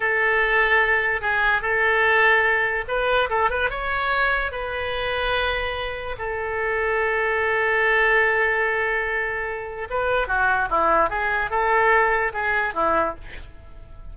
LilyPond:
\new Staff \with { instrumentName = "oboe" } { \time 4/4 \tempo 4 = 146 a'2. gis'4 | a'2. b'4 | a'8 b'8 cis''2 b'4~ | b'2. a'4~ |
a'1~ | a'1 | b'4 fis'4 e'4 gis'4 | a'2 gis'4 e'4 | }